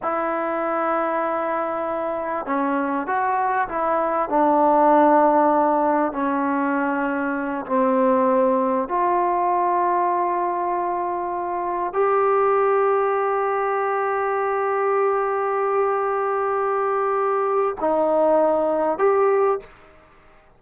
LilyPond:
\new Staff \with { instrumentName = "trombone" } { \time 4/4 \tempo 4 = 98 e'1 | cis'4 fis'4 e'4 d'4~ | d'2 cis'2~ | cis'8 c'2 f'4.~ |
f'2.~ f'8 g'8~ | g'1~ | g'1~ | g'4 dis'2 g'4 | }